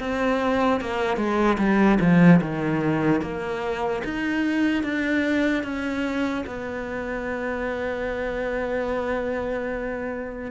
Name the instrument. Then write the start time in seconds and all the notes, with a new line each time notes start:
cello
0.00 C4
0.81 A#3
1.17 G#3
1.58 G3
2.00 F3
2.42 D#3
3.22 A#3
4.05 D#4
4.84 D4
5.64 C#4
6.47 B3